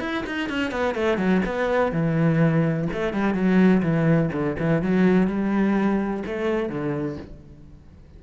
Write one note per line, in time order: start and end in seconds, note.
0.00 0.24 E4
0.26 0.49 D#4
0.49 0.71 C#4
0.71 0.95 B3
0.95 1.17 A3
1.17 1.41 F#3
1.45 1.92 B3
1.92 2.88 E3
2.93 3.13 A3
3.13 3.34 G3
3.34 3.82 F#3
3.82 4.30 E3
4.32 4.56 D3
4.59 4.82 E3
4.82 5.27 F#3
5.27 6.23 G3
6.26 6.69 A3
6.69 7.17 D3